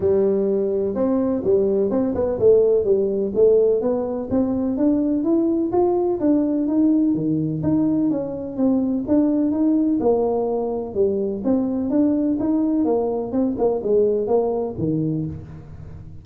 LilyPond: \new Staff \with { instrumentName = "tuba" } { \time 4/4 \tempo 4 = 126 g2 c'4 g4 | c'8 b8 a4 g4 a4 | b4 c'4 d'4 e'4 | f'4 d'4 dis'4 dis4 |
dis'4 cis'4 c'4 d'4 | dis'4 ais2 g4 | c'4 d'4 dis'4 ais4 | c'8 ais8 gis4 ais4 dis4 | }